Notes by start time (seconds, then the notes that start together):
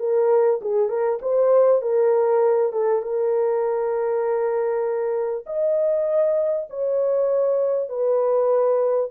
0.00 A#4
0.62 G#4
0.89 A#4
1.22 C5
1.82 A#4
2.73 A4
3.03 A#4
5.47 D#5
6.70 C#5
7.90 B4